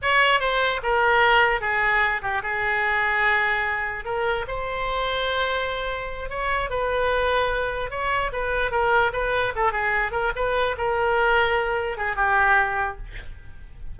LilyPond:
\new Staff \with { instrumentName = "oboe" } { \time 4/4 \tempo 4 = 148 cis''4 c''4 ais'2 | gis'4. g'8 gis'2~ | gis'2 ais'4 c''4~ | c''2.~ c''8 cis''8~ |
cis''8 b'2. cis''8~ | cis''8 b'4 ais'4 b'4 a'8 | gis'4 ais'8 b'4 ais'4.~ | ais'4. gis'8 g'2 | }